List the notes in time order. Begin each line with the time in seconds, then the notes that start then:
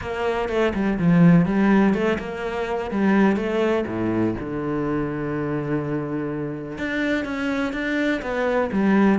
0.01 A#3
0.48 A3
0.74 G3
0.98 F3
1.45 G3
1.94 A3
2.19 A#3
2.90 G3
3.36 A3
3.87 A2
4.39 D3
6.77 D4
7.25 C#4
7.72 D4
8.21 B3
8.72 G3